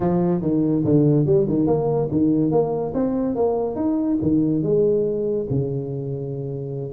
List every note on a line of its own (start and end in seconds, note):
0.00 0.41 F3
0.41 0.83 D#3
0.84 1.26 D3
1.26 1.47 G3
1.48 1.66 D#3
1.66 2.08 A#3
2.11 2.51 D#3
2.51 2.93 A#3
2.94 3.35 C4
3.35 3.75 A#3
3.75 4.17 D#4
4.22 4.62 D#3
4.62 5.46 G#3
5.50 6.92 C#3